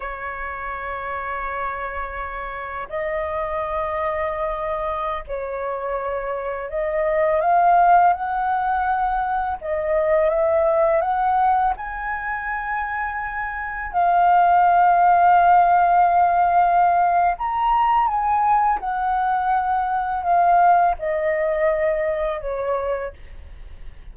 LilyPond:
\new Staff \with { instrumentName = "flute" } { \time 4/4 \tempo 4 = 83 cis''1 | dis''2.~ dis''16 cis''8.~ | cis''4~ cis''16 dis''4 f''4 fis''8.~ | fis''4~ fis''16 dis''4 e''4 fis''8.~ |
fis''16 gis''2. f''8.~ | f''1 | ais''4 gis''4 fis''2 | f''4 dis''2 cis''4 | }